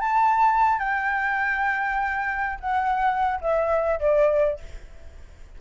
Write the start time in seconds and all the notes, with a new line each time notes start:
0.00 A5
0.79 G5
2.60 F#5
3.41 E5
4.00 D5